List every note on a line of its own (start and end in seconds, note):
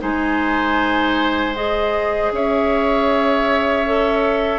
0.00 2.31 G#3
0.00 1.54 D#4
0.00 2.32 C5
0.00 1.55 G#5
1.55 3.86 G#4
1.55 2.32 D#5
2.31 4.58 C#4
2.31 4.58 C#5
2.31 4.58 E5
3.86 4.58 A4